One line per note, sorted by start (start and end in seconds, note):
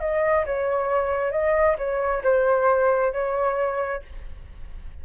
0.00 0.45 D#5
0.46 1.31 C#5
1.31 1.76 D#5
1.78 2.23 C#5
2.23 3.13 C5
3.13 4.02 C#5